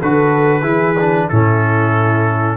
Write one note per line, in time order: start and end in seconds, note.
0.00 0.63 D3
0.00 0.62 F#4
0.00 0.62 A4
0.00 1.29 B4
0.62 1.28 E3
0.62 0.94 E4
0.62 1.26 G#4
0.99 1.31 D4
1.28 2.57 A2
1.28 2.57 C#4
1.28 2.57 E4
1.28 2.57 A4